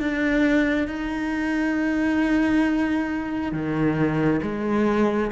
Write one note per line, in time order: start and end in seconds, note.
0.00 0.88 D4
0.88 3.52 D#4
3.52 4.40 D#3
4.42 5.31 G#3